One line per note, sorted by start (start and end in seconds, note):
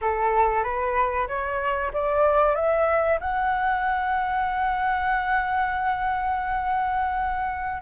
0.01 0.63 A4
0.63 1.27 B4
1.27 1.91 C#5
1.93 2.55 D5
2.55 3.19 E5
3.20 7.82 F#5